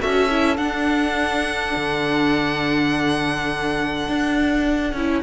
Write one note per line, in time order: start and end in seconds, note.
0.00 0.58 C#4
0.00 0.29 F#4
0.00 5.23 A4
0.00 0.57 E5
0.30 0.58 E4
0.57 4.94 D4
0.57 1.74 D4
0.57 5.23 F#5
1.76 4.08 D3
4.08 4.93 D4
4.93 5.22 C#4
4.93 5.23 E4